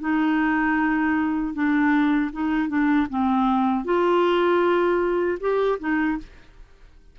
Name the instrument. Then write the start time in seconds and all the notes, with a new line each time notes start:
clarinet
0.00 D#4
1.54 D4
2.32 D#4
2.69 D4
3.09 C4
3.84 F4
5.40 G4
5.79 D#4